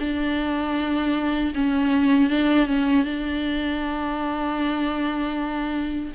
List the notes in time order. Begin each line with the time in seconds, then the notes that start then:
0.00 D4
1.55 C#4
2.30 D4
2.67 C#4
3.05 D4